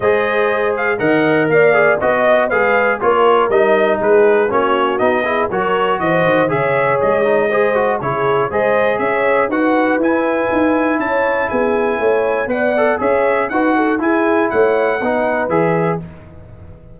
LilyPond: <<
  \new Staff \with { instrumentName = "trumpet" } { \time 4/4 \tempo 4 = 120 dis''4. f''8 fis''4 f''4 | dis''4 f''4 cis''4 dis''4 | b'4 cis''4 dis''4 cis''4 | dis''4 e''4 dis''2 |
cis''4 dis''4 e''4 fis''4 | gis''2 a''4 gis''4~ | gis''4 fis''4 e''4 fis''4 | gis''4 fis''2 e''4 | }
  \new Staff \with { instrumentName = "horn" } { \time 4/4 c''2 dis''4 d''4 | dis''4 b'4 ais'2 | gis'4 fis'4. gis'8 ais'4 | c''4 cis''2 c''4 |
gis'4 c''4 cis''4 b'4~ | b'2 cis''4 gis'4 | cis''4 d''4 cis''4 b'8 a'8 | gis'4 cis''4 b'2 | }
  \new Staff \with { instrumentName = "trombone" } { \time 4/4 gis'2 ais'4. gis'8 | fis'4 gis'4 f'4 dis'4~ | dis'4 cis'4 dis'8 e'8 fis'4~ | fis'4 gis'4. dis'8 gis'8 fis'8 |
e'4 gis'2 fis'4 | e'1~ | e'4 b'8 a'8 gis'4 fis'4 | e'2 dis'4 gis'4 | }
  \new Staff \with { instrumentName = "tuba" } { \time 4/4 gis2 dis4 ais4 | b4 gis4 ais4 g4 | gis4 ais4 b4 fis4 | e8 dis8 cis4 gis2 |
cis4 gis4 cis'4 dis'4 | e'4 dis'4 cis'4 b4 | a4 b4 cis'4 dis'4 | e'4 a4 b4 e4 | }
>>